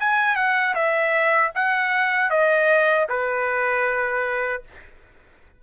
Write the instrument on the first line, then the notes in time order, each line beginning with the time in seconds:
trumpet
0.00 G#5
0.36 F#5
0.75 E5
1.55 F#5
2.30 D#5
3.09 B4